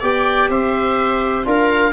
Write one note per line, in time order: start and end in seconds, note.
0.00 0.49 B3
0.00 1.45 G4
0.00 0.48 D5
0.00 0.50 G5
0.49 1.45 C4
0.49 1.47 C5
0.49 1.46 E5
1.45 1.93 D4
1.45 1.93 F4
1.45 1.93 A#4
1.45 1.93 F5